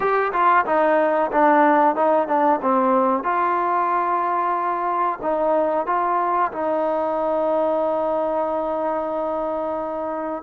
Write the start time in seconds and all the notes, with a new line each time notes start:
0.00 G4
0.32 F4
0.65 D#4
1.31 D4
1.95 D#4
2.27 D4
2.62 C4
3.23 F4
5.21 D#4
5.86 F4
6.52 D#4